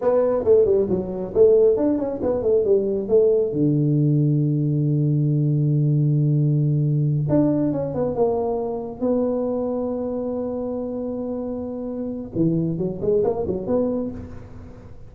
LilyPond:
\new Staff \with { instrumentName = "tuba" } { \time 4/4 \tempo 4 = 136 b4 a8 g8 fis4 a4 | d'8 cis'8 b8 a8 g4 a4 | d1~ | d1~ |
d8 d'4 cis'8 b8 ais4.~ | ais8 b2.~ b8~ | b1 | e4 fis8 gis8 ais8 fis8 b4 | }